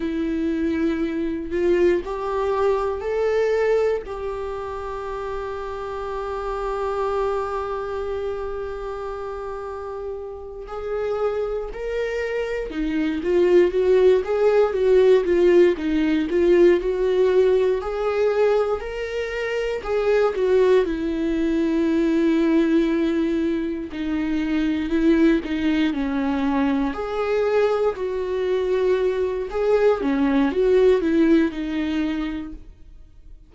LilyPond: \new Staff \with { instrumentName = "viola" } { \time 4/4 \tempo 4 = 59 e'4. f'8 g'4 a'4 | g'1~ | g'2~ g'8 gis'4 ais'8~ | ais'8 dis'8 f'8 fis'8 gis'8 fis'8 f'8 dis'8 |
f'8 fis'4 gis'4 ais'4 gis'8 | fis'8 e'2. dis'8~ | dis'8 e'8 dis'8 cis'4 gis'4 fis'8~ | fis'4 gis'8 cis'8 fis'8 e'8 dis'4 | }